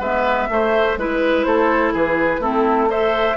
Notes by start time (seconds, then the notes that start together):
0.00 G#3 B3 B4 E5
0.49 A3 C5
0.97 G#3 E4 B4
1.44 A3 A4 C5
1.94 E3 G#4 B4
2.40 A3 C4 E4 A4
2.90 A4 C5 E5